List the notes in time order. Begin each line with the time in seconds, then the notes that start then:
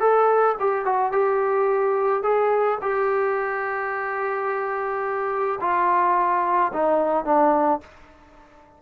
0.00 A4
0.59 G4
0.85 F#4
1.12 G4
2.22 G#4
2.82 G4
5.61 F4
6.73 D#4
7.24 D4